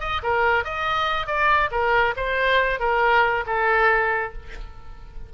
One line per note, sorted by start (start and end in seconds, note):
0.00 0.22 D#5
0.23 0.64 A#4
0.64 1.27 D#5
1.27 1.70 D5
1.71 2.14 A#4
2.16 2.80 C5
2.80 3.44 A#4
3.46 4.33 A4